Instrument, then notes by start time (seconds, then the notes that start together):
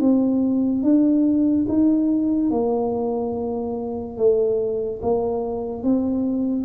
tuba
0.00 C4
0.83 D4
1.69 D#4
2.50 A#3
4.17 A3
5.02 A#3
5.83 C4